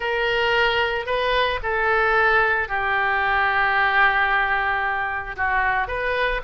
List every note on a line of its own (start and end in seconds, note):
0.00 1.06 A#4
1.06 1.59 B4
1.62 2.68 A4
2.68 5.36 G4
5.36 5.87 F#4
5.87 6.41 B4